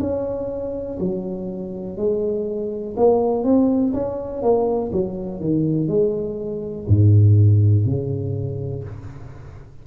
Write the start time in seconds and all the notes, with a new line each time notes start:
0.00 C#4
1.00 F#3
1.97 G#3
2.97 A#3
3.44 C4
3.93 C#4
4.43 A#3
4.92 F#3
5.41 D#3
5.88 G#3
6.88 G#2
7.86 C#3